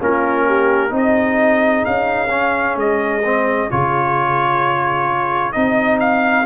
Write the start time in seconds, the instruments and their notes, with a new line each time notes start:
0.00 tuba A#3, trombone C#4, horn F4, trumpet A#4
0.47 horn G4
0.89 tuba C4, trombone D#4, horn G#4
0.96 trumpet D#5
1.85 tuba C#4, trumpet F5
2.30 trombone C#4
2.76 tuba G#3, trumpet D#5
3.24 trombone C4
3.70 tuba C#3, trombone F4, trumpet C#5
5.52 tuba C4, trombone D#4, trumpet D#5
6.00 trumpet F5